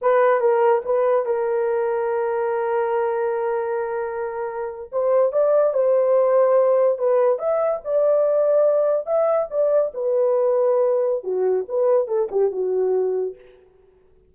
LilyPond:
\new Staff \with { instrumentName = "horn" } { \time 4/4 \tempo 4 = 144 b'4 ais'4 b'4 ais'4~ | ais'1~ | ais'2.~ ais'8. c''16~ | c''8. d''4 c''2~ c''16~ |
c''8. b'4 e''4 d''4~ d''16~ | d''4.~ d''16 e''4 d''4 b'16~ | b'2. fis'4 | b'4 a'8 g'8 fis'2 | }